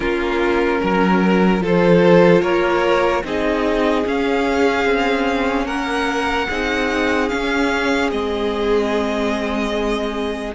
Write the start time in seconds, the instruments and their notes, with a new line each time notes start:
0.00 cello A#3, viola C#4, violin F4 A#4
0.81 cello F#3, violin A#4
1.60 cello F3, viola F4, violin A4 C5
2.41 cello A#3, violin A#4 C#5
3.23 cello C4, viola D#4, violin G#4 D#5
4.06 viola C#4, cello C#4, violin F5
4.84 cello C4
5.65 cello A#3, violin A#4 F#5
6.48 cello C4, viola D#4, violin G#4
7.28 viola C#4, cello C#4, violin F5
8.11 cello G#3, viola C4, violin D#5